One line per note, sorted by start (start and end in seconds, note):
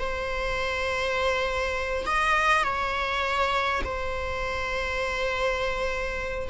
0.00 2.06 C5
2.06 2.64 D#5
2.64 3.82 C#5
3.85 6.49 C5